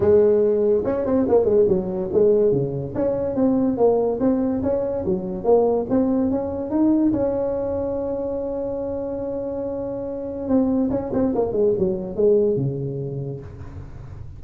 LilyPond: \new Staff \with { instrumentName = "tuba" } { \time 4/4 \tempo 4 = 143 gis2 cis'8 c'8 ais8 gis8 | fis4 gis4 cis4 cis'4 | c'4 ais4 c'4 cis'4 | fis4 ais4 c'4 cis'4 |
dis'4 cis'2.~ | cis'1~ | cis'4 c'4 cis'8 c'8 ais8 gis8 | fis4 gis4 cis2 | }